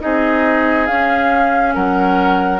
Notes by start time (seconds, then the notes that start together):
0.00 C4 D#4 G#4 D#5
0.86 C#4 F5
1.74 F#3 A#4 F#5